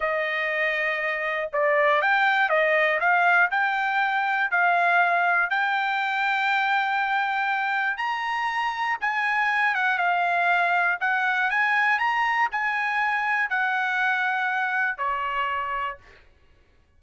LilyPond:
\new Staff \with { instrumentName = "trumpet" } { \time 4/4 \tempo 4 = 120 dis''2. d''4 | g''4 dis''4 f''4 g''4~ | g''4 f''2 g''4~ | g''1 |
ais''2 gis''4. fis''8 | f''2 fis''4 gis''4 | ais''4 gis''2 fis''4~ | fis''2 cis''2 | }